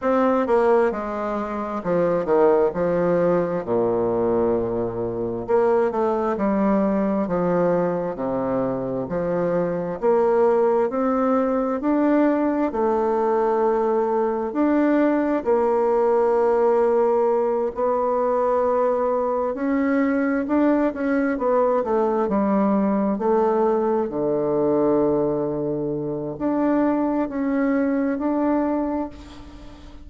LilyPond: \new Staff \with { instrumentName = "bassoon" } { \time 4/4 \tempo 4 = 66 c'8 ais8 gis4 f8 dis8 f4 | ais,2 ais8 a8 g4 | f4 c4 f4 ais4 | c'4 d'4 a2 |
d'4 ais2~ ais8 b8~ | b4. cis'4 d'8 cis'8 b8 | a8 g4 a4 d4.~ | d4 d'4 cis'4 d'4 | }